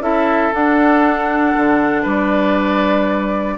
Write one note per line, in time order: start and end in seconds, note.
0.00 0.51 C#4
0.00 0.52 E4
0.00 2.03 A4
0.00 0.53 E5
0.53 3.58 D4
0.53 1.56 D4
0.53 2.06 F#5
1.56 2.05 D3
2.03 3.58 G3
2.03 3.55 B4
2.03 3.58 D5